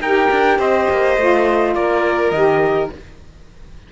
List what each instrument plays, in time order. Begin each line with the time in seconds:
0.00 cello D#4, saxophone G4, violin A#4, trumpet G5
0.31 cello D4
0.58 cello C4, violin C5, trumpet D#5
0.90 cello A#3
1.17 cello A3, saxophone F4
1.75 cello A#3, violin A#4, trumpet D5
2.31 cello D#3, saxophone G4, trumpet D#5